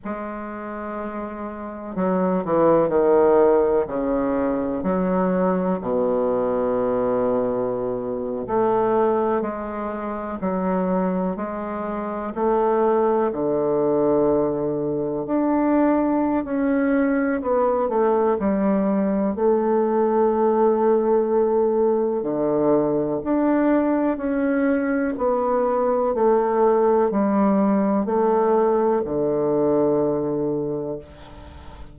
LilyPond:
\new Staff \with { instrumentName = "bassoon" } { \time 4/4 \tempo 4 = 62 gis2 fis8 e8 dis4 | cis4 fis4 b,2~ | b,8. a4 gis4 fis4 gis16~ | gis8. a4 d2 d'16~ |
d'4 cis'4 b8 a8 g4 | a2. d4 | d'4 cis'4 b4 a4 | g4 a4 d2 | }